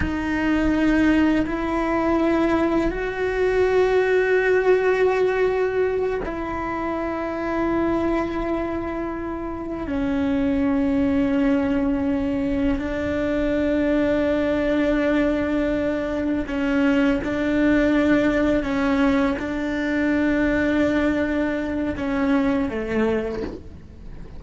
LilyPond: \new Staff \with { instrumentName = "cello" } { \time 4/4 \tempo 4 = 82 dis'2 e'2 | fis'1~ | fis'8 e'2.~ e'8~ | e'4. cis'2~ cis'8~ |
cis'4. d'2~ d'8~ | d'2~ d'8 cis'4 d'8~ | d'4. cis'4 d'4.~ | d'2 cis'4 a4 | }